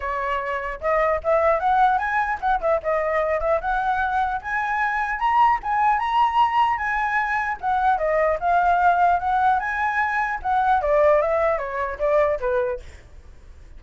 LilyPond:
\new Staff \with { instrumentName = "flute" } { \time 4/4 \tempo 4 = 150 cis''2 dis''4 e''4 | fis''4 gis''4 fis''8 e''8 dis''4~ | dis''8 e''8 fis''2 gis''4~ | gis''4 ais''4 gis''4 ais''4~ |
ais''4 gis''2 fis''4 | dis''4 f''2 fis''4 | gis''2 fis''4 d''4 | e''4 cis''4 d''4 b'4 | }